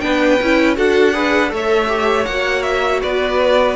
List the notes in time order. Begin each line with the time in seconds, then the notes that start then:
0.00 B3 D4 B4 G5
0.41 C#4 E4
0.76 D4 F#4 A4 F#5
1.13 G#4 B4
1.49 A3 A4 C#5
1.56 E5
1.88 G4
2.25 A#3 F#4 F#5
2.62 E5
3.02 B3 B4 D5